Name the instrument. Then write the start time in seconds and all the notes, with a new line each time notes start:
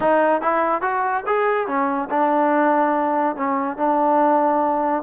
trombone
0.00 D#4
0.41 E4
0.81 F#4
1.26 G#4
1.67 C#4
2.10 D4
3.35 C#4
3.77 D4